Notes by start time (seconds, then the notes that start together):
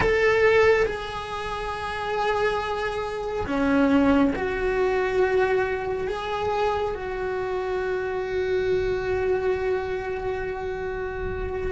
0.00 A4
0.85 G#4
3.46 C#4
4.35 F#4
6.07 G#4
6.94 F#4